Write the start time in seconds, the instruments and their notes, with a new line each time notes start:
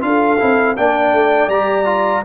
0.00 tuba D4, trombone F4, horn A4, trumpet F5
0.39 tuba C4, trombone E4
0.76 tuba A#3, trombone D4, horn D5, trumpet G5
1.12 tuba A3
1.48 tuba G3, trombone G4, trumpet A#5
1.85 trombone F4